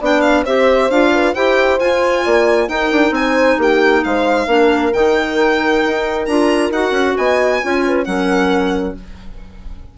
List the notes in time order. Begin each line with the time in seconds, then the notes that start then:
0.00 B3 D4 D5 G5
0.21 F5
0.44 C4 G4 C5 E5
0.90 D4 F4 F5
1.13 B4
1.34 E4 G4 C5 G5
1.80 F4 G#5
2.25 A#3 D5
2.69 D#4 A#4 G5
2.92 D4
3.11 C4 C5 G#5
3.58 A#3 G4 G5
4.04 G#3 C5 F5
4.47 A#3 D4 A#4
4.93 D#3 D#4 G5
5.86 D#4
6.26 D4 F4 A#5
6.71 D#4 F#4 F#5
6.91 C#4
7.17 B3 D#5 G#5
7.62 C#4 F4 C#5
7.86 B4
8.05 F#3 C#4 A#4 F#5